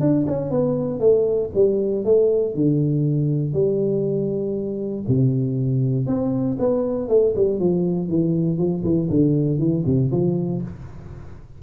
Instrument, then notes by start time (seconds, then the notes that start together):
tuba
0.00 D4
0.27 C#4
0.50 B3
1.00 A3
1.54 G3
2.04 A3
2.54 D3
3.53 G3
5.07 C3
6.06 C4
6.59 B3
7.08 A3
7.36 G3
7.59 F3
8.08 E3
8.58 F3
8.84 E3
9.09 D3
9.58 E3
9.86 C3
10.11 F3